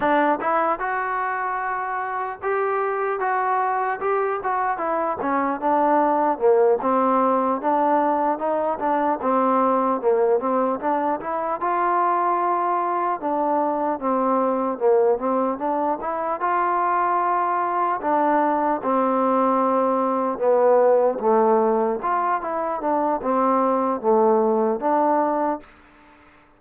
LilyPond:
\new Staff \with { instrumentName = "trombone" } { \time 4/4 \tempo 4 = 75 d'8 e'8 fis'2 g'4 | fis'4 g'8 fis'8 e'8 cis'8 d'4 | ais8 c'4 d'4 dis'8 d'8 c'8~ | c'8 ais8 c'8 d'8 e'8 f'4.~ |
f'8 d'4 c'4 ais8 c'8 d'8 | e'8 f'2 d'4 c'8~ | c'4. b4 a4 f'8 | e'8 d'8 c'4 a4 d'4 | }